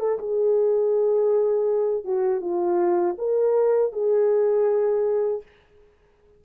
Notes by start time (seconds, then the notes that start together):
0.00 A4
0.19 G#4
2.05 F#4
2.41 F4
3.18 A#4
3.93 G#4